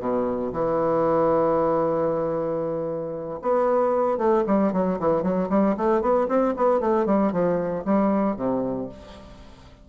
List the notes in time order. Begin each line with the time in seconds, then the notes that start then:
0.00 B2
0.53 E3
3.42 B3
4.18 A3
4.47 G3
4.73 F#3
5.00 E3
5.23 F#3
5.50 G3
5.77 A3
6.02 B3
6.29 C4
6.57 B3
6.81 A3
7.06 G3
7.32 F3
7.85 G3
8.37 C3